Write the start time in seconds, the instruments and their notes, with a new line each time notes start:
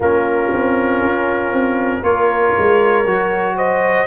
0.00 tuba A#3, trombone C#4, horn F4, trumpet A#4
0.52 tuba C4
1.01 tuba C#4
1.51 tuba C4
2.02 tuba A#3, trombone F4, horn A#4, trumpet C#5
2.58 tuba G#3
3.05 tuba F#3, trombone F#4
3.56 horn C5, trumpet D#5